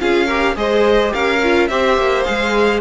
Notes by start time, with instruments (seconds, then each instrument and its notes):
0.00 cello C#4, viola F4, violin G#4 F5
0.26 viola G4, violin A#4
0.56 cello G#3, viola G#4, violin C5 D#5
1.09 viola G4, violin A#4 F5
1.15 cello C#4
1.43 viola F4
1.68 cello C4, viola G4, violin C5 E5
1.98 cello A#3
2.24 cello G#3, viola G#4, violin F5